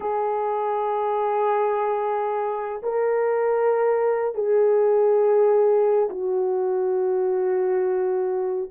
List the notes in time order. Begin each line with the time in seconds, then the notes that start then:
0.00 G#4
2.82 A#4
4.34 G#4
6.09 F#4